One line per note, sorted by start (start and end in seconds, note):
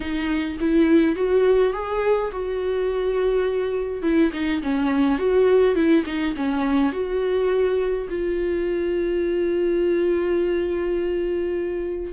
0.00 0.57 D#4
0.60 1.15 E4
1.15 1.73 F#4
1.73 2.31 G#4
2.31 4.02 F#4
4.02 4.31 E4
4.32 4.61 D#4
4.62 5.18 C#4
5.18 5.75 F#4
5.75 6.03 E4
6.06 6.34 D#4
6.36 6.92 C#4
6.92 8.08 F#4
8.09 12.12 F4